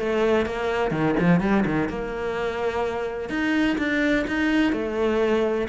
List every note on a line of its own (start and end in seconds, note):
0.00 0.46 A3
0.46 0.92 A#3
0.92 1.15 D#3
1.20 1.41 F3
1.41 1.65 G3
1.66 1.89 D#3
1.89 3.30 A#3
3.30 3.77 D#4
3.78 4.26 D4
4.28 4.73 D#4
4.73 5.68 A3